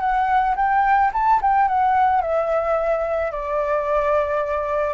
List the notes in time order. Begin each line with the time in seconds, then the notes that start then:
0.00 F#5
0.56 G5
1.13 A5
1.41 G5
1.68 F#5
2.21 E5
3.31 D5